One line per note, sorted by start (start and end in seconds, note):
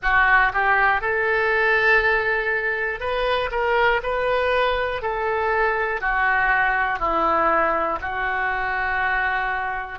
0.02 0.52 F#4
0.53 1.00 G4
1.00 3.00 A4
3.00 3.50 B4
3.50 4.00 A#4
4.02 5.02 B4
5.02 6.00 A4
6.00 6.99 F#4
6.99 7.99 E4
8.01 9.99 F#4